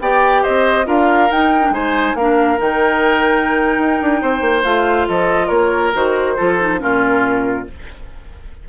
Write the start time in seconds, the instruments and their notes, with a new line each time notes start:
0.00 bassoon B3, clarinet G4, oboe D5, flute G5
0.43 bassoon C4, oboe C5, flute D#5
0.85 bassoon D4, clarinet F4, oboe A#4, flute F5
1.31 clarinet D#4, bassoon D#4, flute G5
1.62 clarinet D4
1.71 bassoon G#3, clarinet D#4, oboe C5, flute G#5
2.15 bassoon A#3, clarinet D4, oboe A#4, flute F5
2.58 bassoon D#3, clarinet D#4, flute G5
3.79 bassoon D#4
4.02 bassoon D4
4.22 bassoon C4, oboe C5
4.41 bassoon A#3
4.64 bassoon A3, clarinet F4, flute F5
5.08 bassoon F3, oboe A4, flute D#5
5.47 bassoon A#3, oboe A#4, flute C#5
5.94 bassoon D#3, clarinet F#4, flute C5
6.37 bassoon F3, clarinet F4, oboe A4
6.59 clarinet D#4
6.79 bassoon A#2, clarinet C#4, oboe F4, flute A#4